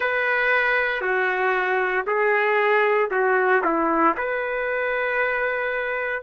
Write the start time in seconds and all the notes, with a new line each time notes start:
0.00 B4
1.01 F#4
2.06 G#4
3.10 F#4
3.63 E4
4.17 B4